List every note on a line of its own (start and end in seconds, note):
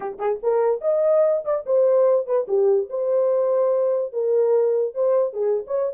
0.00 0.18 G4
0.18 0.39 G#4
0.43 0.81 A#4
0.81 1.43 D#5
1.45 1.65 D5
1.66 2.26 C5
2.26 2.47 B4
2.48 2.89 G4
2.89 4.12 C5
4.12 4.94 A#4
4.94 5.33 C5
5.33 5.64 G#4
5.66 5.93 C#5